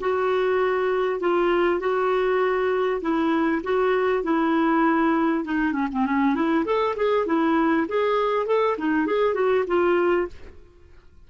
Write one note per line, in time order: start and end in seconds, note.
0.00 1.20 F#4
1.20 1.79 F4
1.79 3.01 F#4
3.01 3.62 E4
3.63 4.23 F#4
4.23 5.44 E4
5.44 5.72 D#4
5.72 5.87 C#4
5.91 6.06 C4
6.06 6.34 C#4
6.34 6.65 E4
6.65 6.95 A4
6.96 7.26 G#4
7.26 7.87 E4
7.88 8.46 G#4
8.46 8.76 A4
8.77 9.06 D#4
9.06 9.34 G#4
9.34 9.64 F#4
9.67 10.27 F4